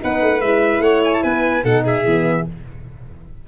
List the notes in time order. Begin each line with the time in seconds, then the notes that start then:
0.00 B3 D#4 B4 F#5
0.22 A3
0.41 G#3 E4 E5
0.80 A3 C#5 F#5
1.04 G#5
1.14 A5
1.23 B3 B4 G#5
1.63 B2 D#4 A4 F#5
1.84 G#4 E5
2.05 E3 B3